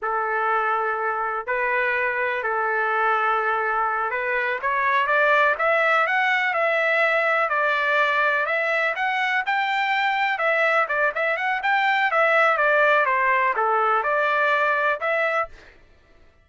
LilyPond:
\new Staff \with { instrumentName = "trumpet" } { \time 4/4 \tempo 4 = 124 a'2. b'4~ | b'4 a'2.~ | a'8 b'4 cis''4 d''4 e''8~ | e''8 fis''4 e''2 d''8~ |
d''4. e''4 fis''4 g''8~ | g''4. e''4 d''8 e''8 fis''8 | g''4 e''4 d''4 c''4 | a'4 d''2 e''4 | }